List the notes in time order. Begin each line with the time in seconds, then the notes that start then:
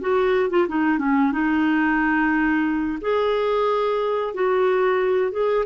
0.00 F#4
0.50 F4
0.68 D#4
0.98 C#4
1.32 D#4
3.01 G#4
4.34 F#4
5.31 G#4